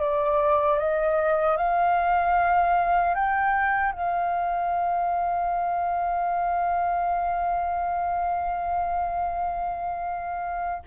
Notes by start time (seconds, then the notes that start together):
0.00 D5
0.79 D#5
1.57 F5
3.15 G5
3.93 F5